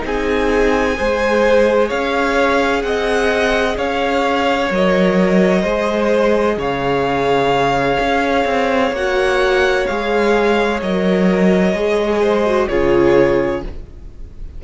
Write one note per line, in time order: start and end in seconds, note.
0.00 0.98 C4
0.00 0.94 D#4
0.06 0.97 G#4
0.06 1.90 G#5
0.96 1.91 G#3
0.96 4.71 G#4
0.96 1.88 C5
1.88 2.83 C#4
1.88 2.82 C#5
1.88 2.83 F5
2.83 3.77 C4
2.83 3.78 D#5
2.83 3.76 F#5
3.78 4.71 C#4
3.78 5.62 C#5
3.78 4.72 F5
4.71 5.64 F#3
4.71 5.65 A#4
4.71 6.61 D#5
5.62 6.57 G#3
5.62 8.95 G#4
5.62 6.56 C5
6.57 7.98 C#3
6.57 12.22 C#5
6.57 8.95 F5
8.00 8.45 C#4
8.45 8.92 C4
8.92 9.86 A#3
8.92 9.89 F#4
8.92 9.87 F#5
9.87 10.82 G#3
9.87 10.83 G#4
9.87 10.80 F5
10.82 11.74 F#3
10.82 11.76 A#4
10.82 12.68 D#5
11.74 12.68 G#3
11.74 12.46 G#4
12.22 12.69 C5
12.46 12.69 F#4
12.68 13.64 C#3
12.68 13.63 F4
12.68 13.63 G#4
12.68 13.62 C#5